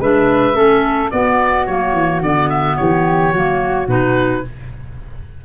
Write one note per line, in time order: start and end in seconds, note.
0.00 0.56 G#3
0.00 0.54 D4
0.00 0.56 B4
0.00 1.11 E5
0.54 1.11 A3
0.54 1.10 C#4
0.54 1.11 A4
1.11 1.68 B3
1.11 2.78 F#4
1.11 1.67 D5
1.67 1.94 F#3
1.67 2.23 A#3
1.67 2.22 C#5
1.94 2.21 E3
2.21 2.77 D3
2.21 3.35 B3
2.21 2.50 D5
2.50 2.77 E5
2.77 3.33 E3
2.77 3.33 G4
2.77 3.88 C#5
3.33 3.87 F#3
3.33 3.88 A#3
3.33 4.44 F#4
3.87 4.43 B2
3.87 4.43 D#4
3.87 4.45 B4